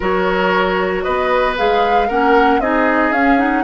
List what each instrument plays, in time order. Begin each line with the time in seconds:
0.00 bassoon F#3, clarinet F#4, oboe A#4, flute C#5
1.02 bassoon B3, oboe B4, flute D#5
1.56 bassoon G#3, clarinet G#4, flute F5
2.07 bassoon A#3, clarinet C#4, oboe A#4, flute F#5
2.59 bassoon C4, clarinet D#4, oboe G#4, flute D#5
3.11 bassoon C#4, clarinet C#4, flute F5
3.38 clarinet D#4, flute F#5